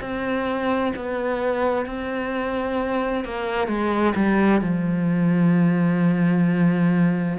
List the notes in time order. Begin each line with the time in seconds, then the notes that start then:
0.00 C4
0.95 B3
1.85 C4
3.24 A#3
3.67 G#3
4.15 G3
4.61 F3